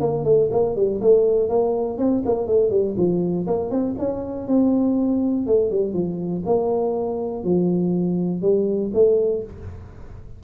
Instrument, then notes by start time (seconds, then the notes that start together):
tuba
0.00 A#3
0.25 A3
0.51 A#3
0.76 G3
1.01 A3
1.49 A#3
1.98 C4
2.25 A#3
2.47 A3
2.70 G3
2.97 F3
3.47 A#3
3.71 C4
3.98 C#4
4.47 C4
5.46 A3
5.70 G3
5.93 F3
6.46 A#3
7.43 F3
8.41 G3
8.93 A3